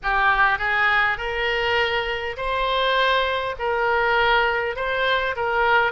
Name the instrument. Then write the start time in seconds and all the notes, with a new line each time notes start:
oboe
0.02 G4
0.58 G#4
1.17 A#4
2.36 C5
3.58 A#4
4.76 C5
5.35 A#4